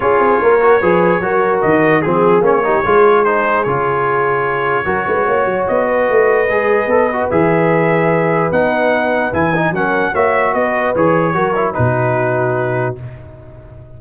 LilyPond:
<<
  \new Staff \with { instrumentName = "trumpet" } { \time 4/4 \tempo 4 = 148 cis''1 | dis''4 gis'4 cis''2 | c''4 cis''2.~ | cis''2 dis''2~ |
dis''2 e''2~ | e''4 fis''2 gis''4 | fis''4 e''4 dis''4 cis''4~ | cis''4 b'2. | }
  \new Staff \with { instrumentName = "horn" } { \time 4/4 gis'4 ais'4 b'4 ais'4~ | ais'4 gis'4. g'8 gis'4~ | gis'1 | ais'8 b'8 cis''4. b'4.~ |
b'1~ | b'1 | ais'4 cis''4 b'2 | ais'4 fis'2. | }
  \new Staff \with { instrumentName = "trombone" } { \time 4/4 f'4. fis'8 gis'4 fis'4~ | fis'4 c'4 cis'8 dis'8 f'4 | dis'4 f'2. | fis'1 |
gis'4 a'8 fis'8 gis'2~ | gis'4 dis'2 e'8 dis'8 | cis'4 fis'2 gis'4 | fis'8 e'8 dis'2. | }
  \new Staff \with { instrumentName = "tuba" } { \time 4/4 cis'8 c'8 ais4 f4 fis4 | dis4 f4 ais4 gis4~ | gis4 cis2. | fis8 gis8 ais8 fis8 b4 a4 |
gis4 b4 e2~ | e4 b2 e4 | fis4 ais4 b4 e4 | fis4 b,2. | }
>>